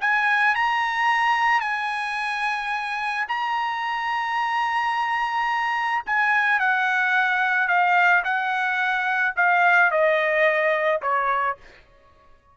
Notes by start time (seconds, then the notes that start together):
0.00 G#5
0.55 A#5
1.60 G#5
3.28 A#5
6.06 G#5
6.59 F#5
7.67 F5
8.24 F#5
9.36 F5
9.91 D#5
11.01 C#5